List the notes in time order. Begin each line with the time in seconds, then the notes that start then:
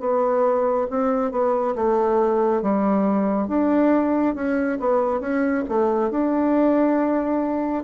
0.00 B3
0.91 C4
1.32 B3
1.75 A3
2.62 G3
3.48 D4
4.35 C#4
4.80 B3
5.21 C#4
5.69 A3
6.11 D4